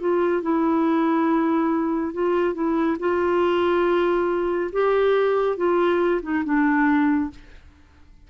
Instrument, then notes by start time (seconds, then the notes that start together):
clarinet
0.00 F4
0.42 E4
2.14 F4
2.55 E4
3.00 F4
4.73 G4
5.57 F4
6.23 D#4
6.45 D4